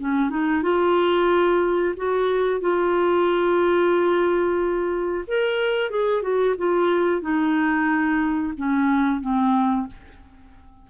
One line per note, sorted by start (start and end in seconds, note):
0.00 0.30 C#4
0.30 0.63 D#4
0.63 1.95 F4
1.97 2.61 F#4
2.61 5.25 F4
5.28 5.91 A#4
5.91 6.23 G#4
6.23 6.56 F#4
6.58 7.22 F4
7.22 8.54 D#4
8.57 9.22 C#4
9.22 9.88 C4